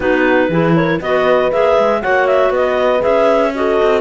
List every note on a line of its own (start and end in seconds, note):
0.00 0.47 B3
0.00 0.50 D#4
0.00 0.49 F#4
0.00 0.73 B4
0.49 0.99 E3
0.49 1.01 E4
0.49 0.76 G#4
0.75 1.01 A#4
0.75 1.01 C#5
1.00 1.51 B3
1.00 1.51 F#4
1.00 2.01 B4
1.00 1.51 D#5
1.51 1.77 A#3
1.51 2.02 G#4
1.51 2.02 E5
1.77 2.03 G#3
2.01 2.50 A#3
2.01 2.99 F#4
2.01 2.50 C#5
2.01 2.27 F#5
2.27 2.52 E5
2.50 3.00 B3
2.50 3.51 B4
2.50 3.02 D#5
2.99 3.81 C#4
2.99 3.50 G#4
2.99 3.53 E5
3.54 4.01 F#4
3.54 4.01 A4
3.54 4.01 D#5
3.82 4.01 C4